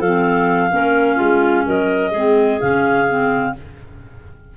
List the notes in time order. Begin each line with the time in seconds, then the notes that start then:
0.00 F3 C4 A4 F5
0.71 A#3 C#4 A#4
1.16 G#3 F4
1.66 F#3 A#4 D#5
2.12 G#3 C4 G#4
2.61 C#3 C#4 F5
3.08 C4